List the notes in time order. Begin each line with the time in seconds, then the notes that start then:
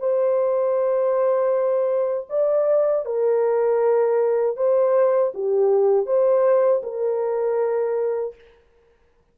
0.00 C5
2.30 D5
3.06 A#4
4.57 C5
5.35 G4
6.06 C5
6.84 A#4